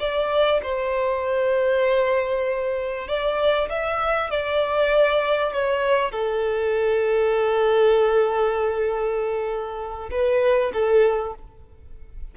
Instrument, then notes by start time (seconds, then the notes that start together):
violin
0.00 D5
0.63 C5
3.08 D5
3.70 E5
4.31 D5
5.53 C#5
6.12 A4
10.11 B4
10.74 A4